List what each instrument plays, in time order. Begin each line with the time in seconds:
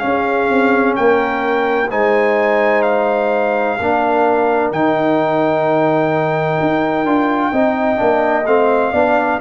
0.00 trombone C#4, tuba C#4, horn G#4, trumpet F5
0.50 tuba C4
0.96 tuba A#3, horn A#4, trumpet G5
1.91 tuba G#3, trombone D#4, horn C5, trumpet G#5
2.82 trumpet F5
3.80 tuba A#3, trombone D4, horn A#4
4.72 tuba D#3, trombone D#4, trumpet G5
6.61 tuba D#4
7.04 tuba D4, trombone F4
7.52 tuba C4, trombone D#4, horn D#5
7.96 tuba A#3, trombone D4
8.46 tuba A3, trombone C4, trumpet F5
8.93 tuba B3, trombone D4, horn D5